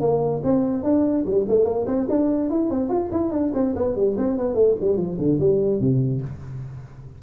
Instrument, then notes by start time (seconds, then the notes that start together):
tuba
0.00 A#3
0.43 C4
0.83 D4
1.25 G3
1.48 A3
1.65 A#3
1.86 C4
2.09 D4
2.50 E4
2.70 C4
2.89 F4
3.11 E4
3.31 D4
3.54 C4
3.75 B3
3.95 G3
4.17 C4
4.37 B3
4.54 A3
4.80 G3
4.96 F3
5.18 D3
5.39 G3
5.79 C3